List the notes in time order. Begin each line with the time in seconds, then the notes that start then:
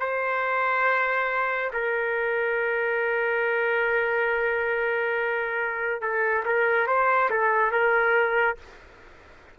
0.00 C5
1.73 A#4
6.02 A4
6.45 A#4
6.87 C5
7.30 A4
7.72 A#4